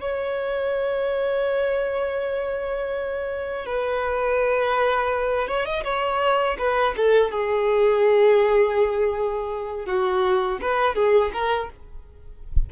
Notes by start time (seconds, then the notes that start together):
0.00 C#5
3.66 B4
5.47 C#5
5.65 D#5
5.84 C#5
6.58 B4
6.97 A4
7.31 G#4
9.86 F#4
10.61 B4
10.95 G#4
11.33 A#4